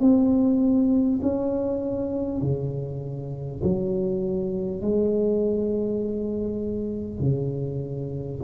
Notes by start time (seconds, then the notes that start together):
0.00 C4
1.22 C#4
2.42 C#3
3.63 F#3
4.81 G#3
7.19 C#3